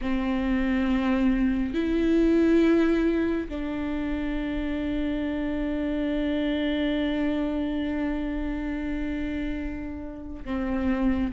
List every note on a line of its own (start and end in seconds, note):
0.01 1.74 C4
1.74 3.48 E4
3.48 10.44 D4
10.44 11.31 C4